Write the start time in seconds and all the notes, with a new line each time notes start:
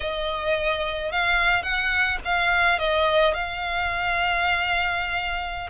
0.00 D#5
1.11 F5
1.63 F#5
2.24 F5
2.79 D#5
3.33 F5